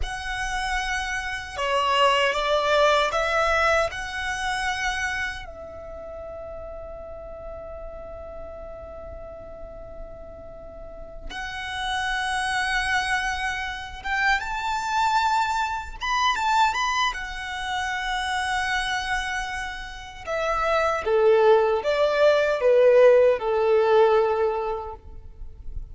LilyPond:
\new Staff \with { instrumentName = "violin" } { \time 4/4 \tempo 4 = 77 fis''2 cis''4 d''4 | e''4 fis''2 e''4~ | e''1~ | e''2~ e''8 fis''4.~ |
fis''2 g''8 a''4.~ | a''8 b''8 a''8 b''8 fis''2~ | fis''2 e''4 a'4 | d''4 b'4 a'2 | }